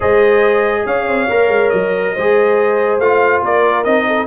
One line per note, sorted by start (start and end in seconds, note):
0.00 0.85 G#3
0.00 1.28 G#4
0.00 0.84 C5
0.00 0.86 D#5
0.85 1.07 C#4
0.85 2.14 C#5
0.85 1.69 F5
1.07 1.28 C4
1.28 1.47 A#3
1.28 2.15 A#4
1.47 1.69 G#3
1.69 2.15 F#3
1.69 2.98 D#5
2.14 2.98 G#3
2.14 3.01 G#4
2.14 3.42 C5
2.98 3.41 A3
2.98 3.85 F4
2.98 3.42 F5
3.42 3.85 A#3
3.42 4.06 A#4
3.42 3.84 D5
3.84 4.27 C4
3.84 4.27 D#4
3.84 4.27 D#5
4.06 4.27 A4